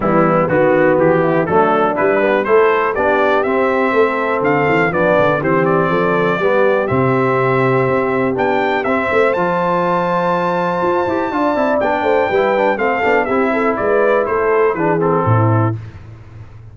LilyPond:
<<
  \new Staff \with { instrumentName = "trumpet" } { \time 4/4 \tempo 4 = 122 e'4 fis'4 g'4 a'4 | b'4 c''4 d''4 e''4~ | e''4 f''4 d''4 c''8 d''8~ | d''2 e''2~ |
e''4 g''4 e''4 a''4~ | a''1 | g''2 f''4 e''4 | d''4 c''4 b'8 a'4. | }
  \new Staff \with { instrumentName = "horn" } { \time 4/4 b4 fis'4. e'8 d'4~ | d'4 a'4 g'2 | a'2 d'4 g'4 | a'4 g'2.~ |
g'2~ g'8 c''4.~ | c''2. d''4~ | d''8 c''8 b'4 a'4 g'8 a'8 | b'4 a'4 gis'4 e'4 | }
  \new Staff \with { instrumentName = "trombone" } { \time 4/4 g4 b2 a4 | e'8 b8 e'4 d'4 c'4~ | c'2 b4 c'4~ | c'4 b4 c'2~ |
c'4 d'4 c'4 f'4~ | f'2~ f'8 g'8 f'8 e'8 | d'4 e'8 d'8 c'8 d'8 e'4~ | e'2 d'8 c'4. | }
  \new Staff \with { instrumentName = "tuba" } { \time 4/4 e4 dis4 e4 fis4 | g4 a4 b4 c'4 | a4 d8 e8 f8 d8 e4 | f4 g4 c2 |
c'4 b4 c'8 a8 f4~ | f2 f'8 e'8 d'8 c'8 | b8 a8 g4 a8 b8 c'4 | gis4 a4 e4 a,4 | }
>>